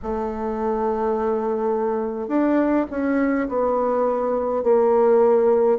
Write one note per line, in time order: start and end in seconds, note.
0.02 2.28 A3
2.28 2.85 D4
2.90 3.48 C#4
3.48 4.63 B3
4.63 5.78 A#3